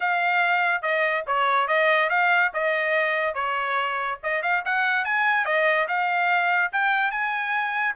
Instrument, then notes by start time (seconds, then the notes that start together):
trumpet
0.00 F5
0.82 D#5
1.26 C#5
1.67 D#5
2.09 F5
2.53 D#5
3.34 C#5
4.23 D#5
4.42 F5
4.65 F#5
5.04 G#5
5.45 D#5
5.87 F5
6.72 G5
7.11 G#5